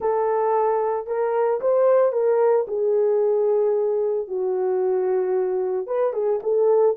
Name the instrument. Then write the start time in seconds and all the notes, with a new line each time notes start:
horn
0.00 A4
1.06 A#4
1.60 C5
2.12 A#4
2.67 G#4
4.27 F#4
5.86 B4
6.13 G#4
6.42 A4